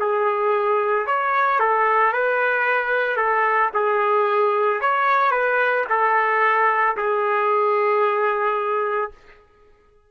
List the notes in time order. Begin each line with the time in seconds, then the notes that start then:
0.00 G#4
1.07 C#5
1.60 A4
2.13 B4
3.17 A4
3.74 G#4
4.81 C#5
5.31 B4
5.90 A4
6.97 G#4